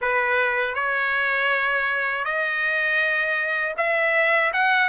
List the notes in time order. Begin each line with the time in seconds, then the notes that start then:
0.01 B4
0.74 C#5
2.24 D#5
3.77 E5
4.53 F#5